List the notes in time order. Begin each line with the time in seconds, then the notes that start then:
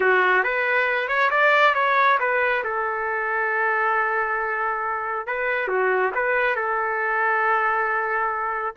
0.00 F#4
0.43 B4
1.07 C#5
1.30 D5
1.74 C#5
2.19 B4
2.64 A4
5.27 B4
5.68 F#4
6.15 B4
6.55 A4